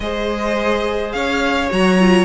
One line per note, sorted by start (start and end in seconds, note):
0.00 1.13 G#3
0.00 1.70 G#4
0.00 1.15 C5
0.00 1.12 D#5
1.12 1.71 C#4
1.12 2.25 C#5
1.12 1.69 F5
1.70 2.25 F#3
1.70 1.98 F#4
1.70 2.25 A#5
1.99 2.25 F4